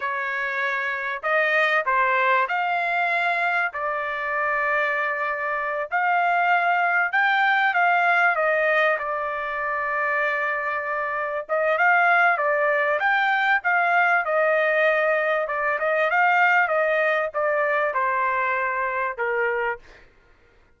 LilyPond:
\new Staff \with { instrumentName = "trumpet" } { \time 4/4 \tempo 4 = 97 cis''2 dis''4 c''4 | f''2 d''2~ | d''4. f''2 g''8~ | g''8 f''4 dis''4 d''4.~ |
d''2~ d''8 dis''8 f''4 | d''4 g''4 f''4 dis''4~ | dis''4 d''8 dis''8 f''4 dis''4 | d''4 c''2 ais'4 | }